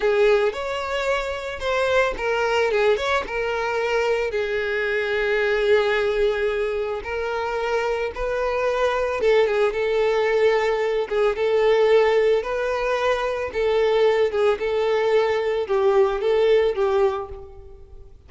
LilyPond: \new Staff \with { instrumentName = "violin" } { \time 4/4 \tempo 4 = 111 gis'4 cis''2 c''4 | ais'4 gis'8 cis''8 ais'2 | gis'1~ | gis'4 ais'2 b'4~ |
b'4 a'8 gis'8 a'2~ | a'8 gis'8 a'2 b'4~ | b'4 a'4. gis'8 a'4~ | a'4 g'4 a'4 g'4 | }